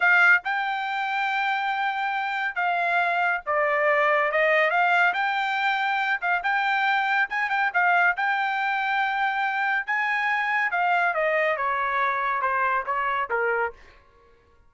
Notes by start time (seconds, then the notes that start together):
0.00 F5
0.44 G5
2.55 F5
3.45 D5
4.31 D#5
4.70 F5
5.13 G5
6.21 F5
6.43 G5
7.29 G#5
7.49 G5
7.73 F5
8.16 G5
9.86 G#5
10.71 F5
11.14 D#5
11.57 C#5
12.41 C5
12.86 C#5
13.30 A#4